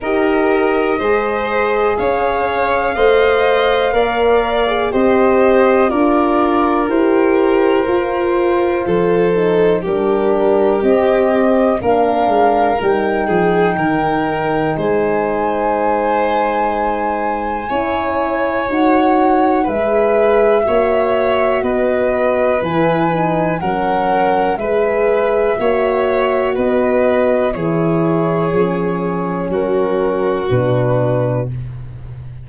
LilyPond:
<<
  \new Staff \with { instrumentName = "flute" } { \time 4/4 \tempo 4 = 61 dis''2 f''2~ | f''4 dis''4 d''4 c''4~ | c''2 ais'4 dis''4 | f''4 g''2 gis''4~ |
gis''2. fis''4 | e''2 dis''4 gis''4 | fis''4 e''2 dis''4 | cis''2 ais'4 b'4 | }
  \new Staff \with { instrumentName = "violin" } { \time 4/4 ais'4 c''4 cis''4 dis''4 | d''4 c''4 ais'2~ | ais'4 a'4 g'2 | ais'4. gis'8 ais'4 c''4~ |
c''2 cis''2 | b'4 cis''4 b'2 | ais'4 b'4 cis''4 b'4 | gis'2 fis'2 | }
  \new Staff \with { instrumentName = "horn" } { \time 4/4 g'4 gis'2 c''4 | ais'8. gis'16 g'4 f'4 g'4 | f'4. dis'8 d'4 c'4 | d'4 dis'2.~ |
dis'2 e'4 fis'4 | gis'4 fis'2 e'8 dis'8 | cis'4 gis'4 fis'2 | e'4 cis'2 d'4 | }
  \new Staff \with { instrumentName = "tuba" } { \time 4/4 dis'4 gis4 cis'4 a4 | ais4 c'4 d'4 e'4 | f'4 f4 g4 c'4 | ais8 gis8 g8 f8 dis4 gis4~ |
gis2 cis'4 dis'4 | gis4 ais4 b4 e4 | fis4 gis4 ais4 b4 | e4 f4 fis4 b,4 | }
>>